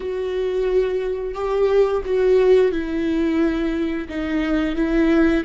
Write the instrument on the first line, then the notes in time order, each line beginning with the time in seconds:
viola
0.00 F#4
1.34 G4
2.05 F#4
2.71 E4
4.08 D#4
4.75 E4